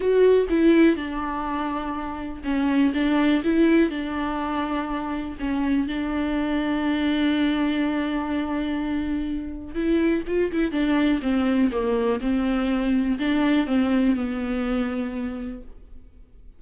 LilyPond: \new Staff \with { instrumentName = "viola" } { \time 4/4 \tempo 4 = 123 fis'4 e'4 d'2~ | d'4 cis'4 d'4 e'4 | d'2. cis'4 | d'1~ |
d'1 | e'4 f'8 e'8 d'4 c'4 | ais4 c'2 d'4 | c'4 b2. | }